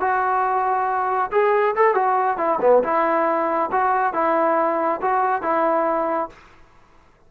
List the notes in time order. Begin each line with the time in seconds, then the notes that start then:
0.00 F#4
1.31 G#4
1.76 A4
1.94 F#4
2.37 E4
2.61 B3
2.83 E4
3.72 F#4
4.13 E4
5.01 F#4
5.42 E4